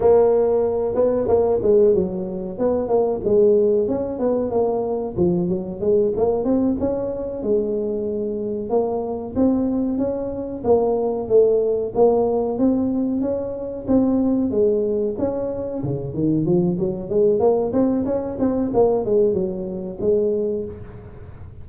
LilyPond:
\new Staff \with { instrumentName = "tuba" } { \time 4/4 \tempo 4 = 93 ais4. b8 ais8 gis8 fis4 | b8 ais8 gis4 cis'8 b8 ais4 | f8 fis8 gis8 ais8 c'8 cis'4 gis8~ | gis4. ais4 c'4 cis'8~ |
cis'8 ais4 a4 ais4 c'8~ | c'8 cis'4 c'4 gis4 cis'8~ | cis'8 cis8 dis8 f8 fis8 gis8 ais8 c'8 | cis'8 c'8 ais8 gis8 fis4 gis4 | }